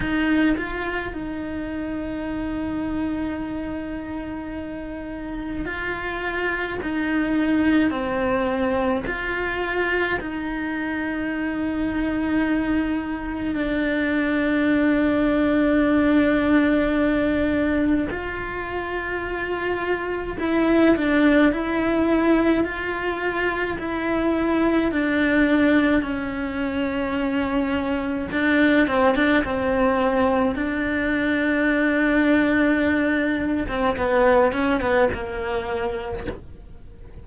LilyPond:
\new Staff \with { instrumentName = "cello" } { \time 4/4 \tempo 4 = 53 dis'8 f'8 dis'2.~ | dis'4 f'4 dis'4 c'4 | f'4 dis'2. | d'1 |
f'2 e'8 d'8 e'4 | f'4 e'4 d'4 cis'4~ | cis'4 d'8 c'16 d'16 c'4 d'4~ | d'4.~ d'16 c'16 b8 cis'16 b16 ais4 | }